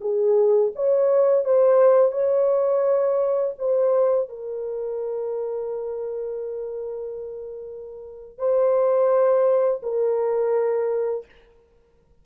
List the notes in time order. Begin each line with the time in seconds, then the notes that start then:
0.00 G#4
0.75 C#5
1.44 C5
2.11 C#5
3.58 C5
4.28 A#4
8.38 C5
9.82 A#4